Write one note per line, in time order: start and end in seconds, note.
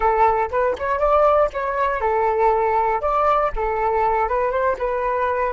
0.00 0.49 A4
0.50 0.75 B4
0.78 0.99 C#5
0.99 1.49 D5
1.53 2.00 C#5
2.00 3.01 A4
3.01 3.51 D5
3.56 4.28 A4
4.28 4.51 B4
4.51 4.76 C5
4.78 5.53 B4